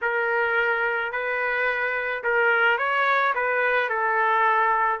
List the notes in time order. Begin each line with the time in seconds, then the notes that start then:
0.01 A#4
1.12 B4
2.23 A#4
2.78 C#5
3.34 B4
3.89 A4